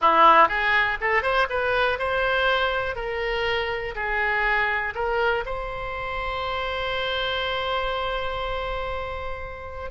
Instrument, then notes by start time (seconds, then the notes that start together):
oboe
0.01 E4
0.48 G#4
1.00 A4
1.22 C5
1.49 B4
1.99 C5
2.95 A#4
3.95 G#4
4.95 A#4
5.45 C5